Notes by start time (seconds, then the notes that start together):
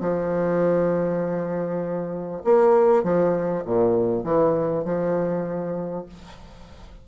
0.00 F3
2.44 A#3
3.03 F3
3.65 A#2
4.24 E3
4.84 F3